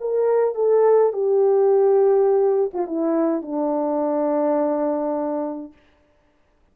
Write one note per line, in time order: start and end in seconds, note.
0.00 0.55 A#4
0.55 1.12 A4
1.12 2.71 G4
2.73 2.86 F4
2.86 3.42 E4
3.42 5.72 D4